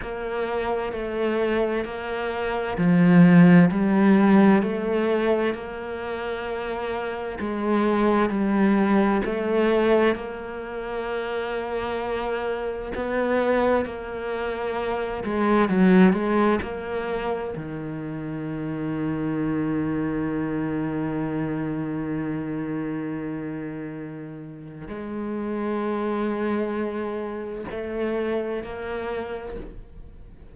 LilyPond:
\new Staff \with { instrumentName = "cello" } { \time 4/4 \tempo 4 = 65 ais4 a4 ais4 f4 | g4 a4 ais2 | gis4 g4 a4 ais4~ | ais2 b4 ais4~ |
ais8 gis8 fis8 gis8 ais4 dis4~ | dis1~ | dis2. gis4~ | gis2 a4 ais4 | }